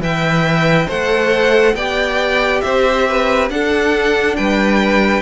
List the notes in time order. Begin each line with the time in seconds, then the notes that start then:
0.00 E3 B4 E5 G5
0.87 A3 A4 C5 F#5
1.74 B3 G4 D5 G5
2.61 C4 C5 E5
3.09 B4
3.50 D4 A4 F#5
4.36 G3 B4 G5